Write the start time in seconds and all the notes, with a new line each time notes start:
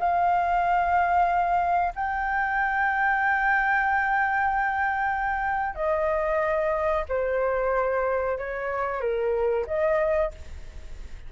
0.00 F5
1.96 G5
5.76 D#5
7.09 C5
8.38 C#5
9.01 A#4
9.67 D#5